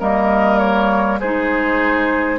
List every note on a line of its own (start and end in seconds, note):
0.00 1.21 G3
0.00 1.20 A#3
0.00 1.20 A#4
0.00 0.59 D#5
0.59 1.19 C#5
1.20 2.39 G#3
1.20 2.39 D#4
1.20 2.39 G#4
1.20 2.39 C5